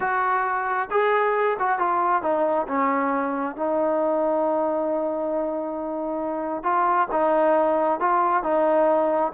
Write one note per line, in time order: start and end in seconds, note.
0.00 0.89 F#4
0.90 1.57 G#4
1.59 1.79 F#4
1.79 2.22 F4
2.22 2.66 D#4
2.67 3.56 C#4
3.56 6.63 D#4
6.63 7.07 F4
7.11 7.99 D#4
7.99 8.43 F4
8.43 9.32 D#4